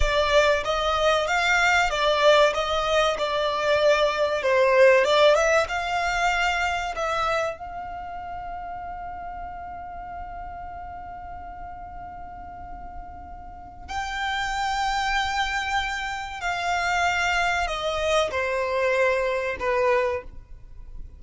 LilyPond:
\new Staff \with { instrumentName = "violin" } { \time 4/4 \tempo 4 = 95 d''4 dis''4 f''4 d''4 | dis''4 d''2 c''4 | d''8 e''8 f''2 e''4 | f''1~ |
f''1~ | f''2 g''2~ | g''2 f''2 | dis''4 c''2 b'4 | }